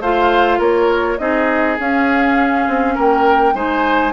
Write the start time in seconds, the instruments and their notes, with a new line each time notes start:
0.00 bassoon A3, clarinet F4, oboe C5, flute F5
0.58 bassoon A#3, oboe A#4, flute C#5
1.18 bassoon C4, clarinet D#4, oboe G#4, flute D#5
1.78 bassoon C#4, clarinet C#4, flute F5
2.67 bassoon C4
2.94 bassoon A#3, oboe A#4, flute G5
3.54 bassoon G#3, clarinet D#4, oboe C5, flute G#5